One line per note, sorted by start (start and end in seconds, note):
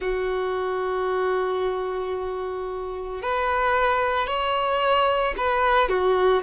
0.00 3.21 F#4
3.21 4.27 B4
4.27 5.34 C#5
5.37 5.88 B4
5.88 6.42 F#4